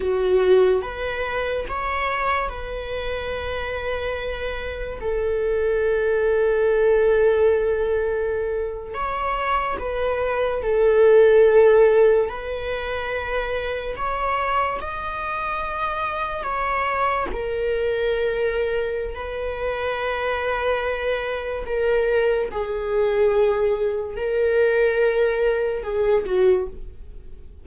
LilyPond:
\new Staff \with { instrumentName = "viola" } { \time 4/4 \tempo 4 = 72 fis'4 b'4 cis''4 b'4~ | b'2 a'2~ | a'2~ a'8. cis''4 b'16~ | b'8. a'2 b'4~ b'16~ |
b'8. cis''4 dis''2 cis''16~ | cis''8. ais'2~ ais'16 b'4~ | b'2 ais'4 gis'4~ | gis'4 ais'2 gis'8 fis'8 | }